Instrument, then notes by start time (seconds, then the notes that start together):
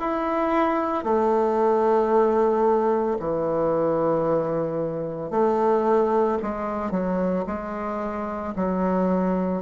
bassoon
0.00 E4
1.04 A3
3.19 E3
5.31 A3
6.42 G#3
6.92 F#3
7.47 G#3
8.56 F#3